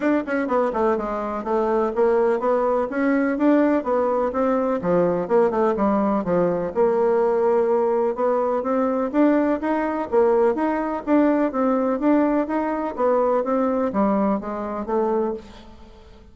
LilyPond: \new Staff \with { instrumentName = "bassoon" } { \time 4/4 \tempo 4 = 125 d'8 cis'8 b8 a8 gis4 a4 | ais4 b4 cis'4 d'4 | b4 c'4 f4 ais8 a8 | g4 f4 ais2~ |
ais4 b4 c'4 d'4 | dis'4 ais4 dis'4 d'4 | c'4 d'4 dis'4 b4 | c'4 g4 gis4 a4 | }